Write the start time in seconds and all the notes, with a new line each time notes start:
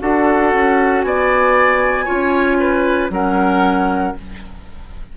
0.00 D4 F#4 A4 F#5
0.53 C#4
1.01 B3 D5 G#5
2.05 C#4 F4 C#5
2.59 B4
3.09 F#3 C#4 A#4 F#5